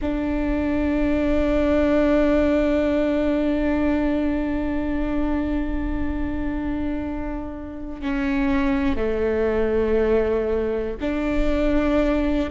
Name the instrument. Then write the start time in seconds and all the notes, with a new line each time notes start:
viola
0.01 D4
8.01 C#4
8.96 A3
11.00 D4